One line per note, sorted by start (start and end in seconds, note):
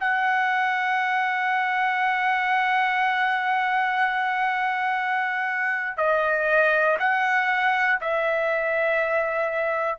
0.00 5.97 F#5
5.97 6.97 D#5
6.99 7.99 F#5
8.01 9.99 E5